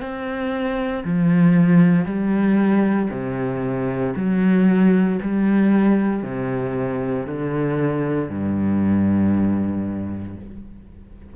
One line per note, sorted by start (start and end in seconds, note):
0.00 1.03 C4
1.04 2.05 F3
2.05 3.08 G3
3.10 4.14 C3
4.16 5.19 F#3
5.21 6.23 G3
6.23 7.26 C3
7.26 8.29 D3
8.29 10.36 G2